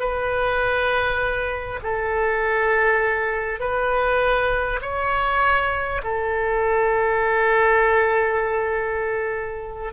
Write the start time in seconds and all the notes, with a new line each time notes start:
0.00 B4
1.83 A4
3.60 B4
4.82 C#5
6.04 A4